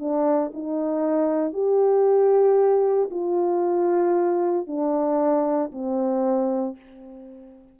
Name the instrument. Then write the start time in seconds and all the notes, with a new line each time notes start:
horn
0.00 D4
0.54 D#4
1.53 G4
3.11 F4
4.67 D4
5.72 C4